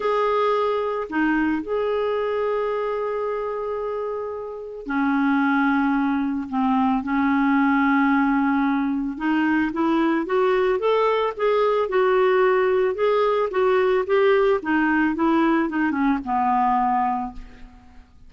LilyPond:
\new Staff \with { instrumentName = "clarinet" } { \time 4/4 \tempo 4 = 111 gis'2 dis'4 gis'4~ | gis'1~ | gis'4 cis'2. | c'4 cis'2.~ |
cis'4 dis'4 e'4 fis'4 | a'4 gis'4 fis'2 | gis'4 fis'4 g'4 dis'4 | e'4 dis'8 cis'8 b2 | }